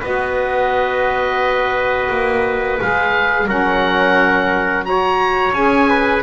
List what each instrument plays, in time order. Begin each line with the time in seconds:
0.00 double bass B3, saxophone F#4, trumpet B4, oboe D#5
2.10 double bass A#3
2.80 double bass G#3, saxophone G#4, oboe F5
3.45 double bass F#3, saxophone C#4, trumpet A#4, oboe F#5
4.84 saxophone F#4, trumpet C#5, oboe A#5
5.52 double bass C#4, saxophone G#4, oboe G#5
5.89 trumpet B4